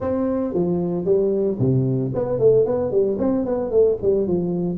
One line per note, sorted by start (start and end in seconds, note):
0.00 0.54 C4
0.54 1.05 F3
1.05 1.58 G3
1.59 2.12 C3
2.14 2.39 B3
2.39 2.65 A3
2.65 2.91 B3
2.91 3.17 G3
3.19 3.45 C4
3.45 3.70 B3
3.70 3.97 A3
4.02 4.27 G3
4.27 4.78 F3